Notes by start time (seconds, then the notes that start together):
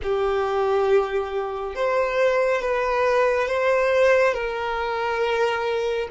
0.02 G4
1.75 C5
2.61 B4
3.47 C5
4.34 A#4